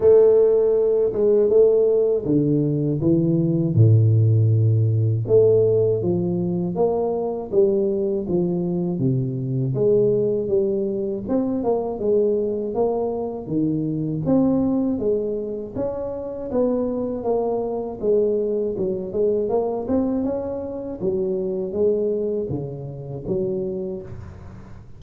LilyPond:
\new Staff \with { instrumentName = "tuba" } { \time 4/4 \tempo 4 = 80 a4. gis8 a4 d4 | e4 a,2 a4 | f4 ais4 g4 f4 | c4 gis4 g4 c'8 ais8 |
gis4 ais4 dis4 c'4 | gis4 cis'4 b4 ais4 | gis4 fis8 gis8 ais8 c'8 cis'4 | fis4 gis4 cis4 fis4 | }